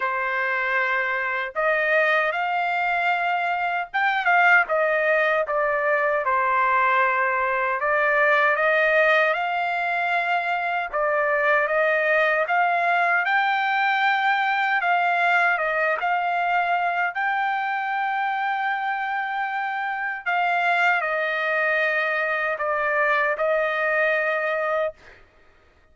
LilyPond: \new Staff \with { instrumentName = "trumpet" } { \time 4/4 \tempo 4 = 77 c''2 dis''4 f''4~ | f''4 g''8 f''8 dis''4 d''4 | c''2 d''4 dis''4 | f''2 d''4 dis''4 |
f''4 g''2 f''4 | dis''8 f''4. g''2~ | g''2 f''4 dis''4~ | dis''4 d''4 dis''2 | }